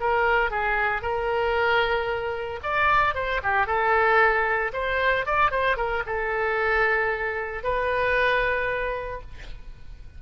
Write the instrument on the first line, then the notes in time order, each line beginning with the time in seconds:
oboe
0.00 A#4
0.50 G#4
1.02 A#4
2.63 D5
3.14 C5
3.43 G4
3.66 A4
4.73 C5
5.26 D5
5.51 C5
5.77 A#4
6.06 A4
7.63 B4